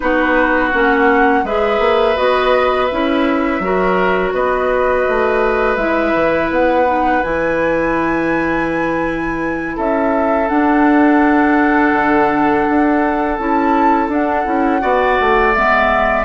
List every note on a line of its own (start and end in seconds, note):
0.00 0.73 B3
0.00 0.72 D#4
0.00 1.45 F#4
0.00 0.71 B4
0.72 1.43 A#3
0.72 1.44 C#4
0.72 1.46 F#5
1.43 1.79 G#3
1.43 2.16 G#4
1.43 3.62 B4
1.43 2.16 E5
1.79 2.15 A#3
2.16 2.91 B3
2.16 2.88 F#4
2.16 2.86 D#5
2.86 3.62 E4
2.86 4.30 E5
2.92 3.59 C#4
3.59 4.31 F#3
3.59 5.78 F#4
3.59 4.34 A#4
4.33 5.05 B3
4.33 9.75 B4
4.33 5.76 D#5
5.08 5.76 A3
5.76 6.12 G#3
5.76 6.85 E4
5.76 6.48 E5
6.14 6.50 E3
6.50 7.22 B3
6.50 7.23 F#5
6.85 7.22 D#4
7.23 9.77 E3
7.23 10.48 E4
7.23 9.76 G#5
9.75 10.49 C#4
9.75 14.81 A4
9.75 10.48 E5
10.48 13.37 D4
10.48 11.92 D4
10.48 13.37 F#5
11.92 12.64 D3
12.69 13.38 D4
13.37 14.08 C#4
13.37 14.10 E4
13.37 14.10 A5
14.08 14.44 D4
14.08 15.54 F#5
14.44 14.82 C#4
14.44 14.80 E4
14.80 15.18 B3
14.80 15.52 F#4
14.80 16.24 D5
15.20 15.56 A3
15.54 16.24 G#3
15.54 16.24 B3
15.54 16.24 E5